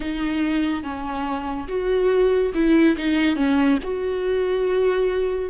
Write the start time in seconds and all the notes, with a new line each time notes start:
0.00 D#4
0.83 C#4
1.67 F#4
2.54 E4
2.97 D#4
3.36 C#4
3.83 F#4